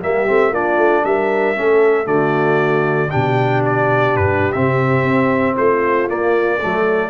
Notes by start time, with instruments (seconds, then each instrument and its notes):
0.00 tuba G3, trombone A#3, horn G4, trumpet E5
0.27 tuba A3, trombone C4
0.51 tuba A#3, trombone D4, horn F4, trumpet D5
0.77 tuba A3
1.05 tuba G3, horn A#4, trumpet E5
1.55 tuba A3, trombone C#4, horn A4
2.05 tuba D3, trombone A3, horn F#4, trumpet D5
3.10 tuba B2, trombone D4, horn G4, trumpet G5
3.65 trumpet D5
4.16 tuba G2, trumpet B4
4.52 tuba C3, trombone C4, trumpet E5
5.04 tuba C4
5.57 tuba A3, horn F4, trumpet C5
6.08 trombone A#3, tuba A#3, trumpet D5
6.59 tuba F#3, trombone A3, horn A4